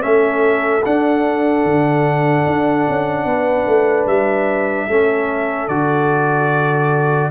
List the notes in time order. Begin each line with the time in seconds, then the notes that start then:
0.00 A3 C#4 A4 E5
0.85 D4 F#5
1.64 D3
2.46 D4
2.89 C#4
3.25 B3 B4
3.67 A3
4.06 G3 E5
4.87 A3 C#4 A4
5.68 D3 F#4 D5